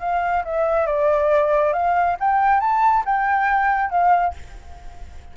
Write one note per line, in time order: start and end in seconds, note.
0.00 0.43 F5
0.45 0.86 E5
0.86 1.73 D5
1.73 2.17 F5
2.20 2.60 G5
2.60 3.04 A5
3.06 3.91 G5
3.91 4.34 F5